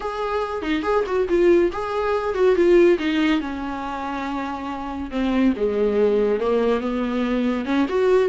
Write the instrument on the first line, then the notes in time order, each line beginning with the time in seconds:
viola
0.00 G#4
0.62 D#4
0.83 G#4
1.06 F#4
1.28 F4
1.72 G#4
2.34 F#4
2.55 F4
2.98 D#4
3.40 C#4
5.10 C4
5.56 G#3
6.39 A#3
6.80 B3
7.65 C#4
7.88 F#4